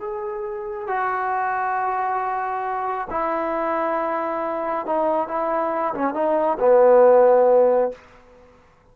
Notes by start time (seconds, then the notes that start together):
0.00 G#4
0.87 F#4
3.10 E4
4.86 D#4
5.28 E4
5.94 C#4
6.14 D#4
6.60 B3